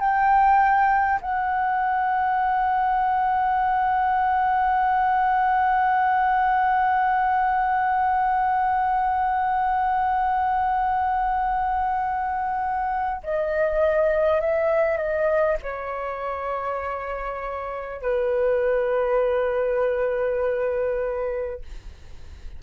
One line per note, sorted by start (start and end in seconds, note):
0.00 1.20 G5
1.22 13.22 F#5
13.24 14.41 D#5
14.41 14.97 E5
14.97 15.57 D#5
15.63 18.02 C#5
18.02 21.62 B4